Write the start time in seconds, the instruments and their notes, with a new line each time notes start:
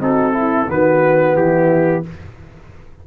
0.00 tuba C4, trombone D#4, horn F#4, trumpet A4
0.32 trombone E4, horn E4
0.67 tuba D#3, trombone B3, horn F#4, trumpet B4
1.34 tuba E3, horn E4, trumpet G4